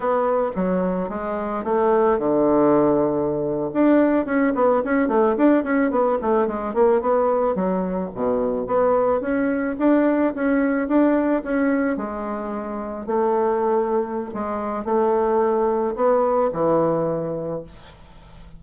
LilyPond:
\new Staff \with { instrumentName = "bassoon" } { \time 4/4 \tempo 4 = 109 b4 fis4 gis4 a4 | d2~ d8. d'4 cis'16~ | cis'16 b8 cis'8 a8 d'8 cis'8 b8 a8 gis16~ | gis16 ais8 b4 fis4 b,4 b16~ |
b8. cis'4 d'4 cis'4 d'16~ | d'8. cis'4 gis2 a16~ | a2 gis4 a4~ | a4 b4 e2 | }